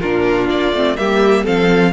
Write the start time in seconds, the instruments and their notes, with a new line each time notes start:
0.00 cello A#2, viola D4, violin F4 A#4
0.50 cello A#3, violin D5
0.72 cello A3, viola C4
0.97 cello G3, viola A#3, violin G4 E5
1.44 cello F3, viola C4, violin A4 F5